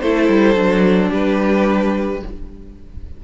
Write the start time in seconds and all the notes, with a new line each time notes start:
0.00 A3 E4 A4 C5
0.28 G3
0.55 F#3 D4
1.09 G3 G4 B4